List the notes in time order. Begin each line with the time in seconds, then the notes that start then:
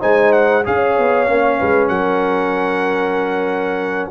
0.00 G#3 D#4 C5 G#5
0.32 F#5
0.64 C#4 G#4 C#5 F5
0.98 B3
1.27 A#3 C#4
1.58 G#3 B4
1.88 F#3 A#4 F#5